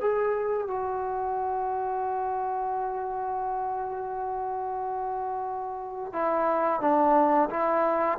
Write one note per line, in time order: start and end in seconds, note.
0.00 0.67 G#4
0.67 6.12 F#4
6.12 6.81 E4
6.81 7.49 D4
7.50 8.18 E4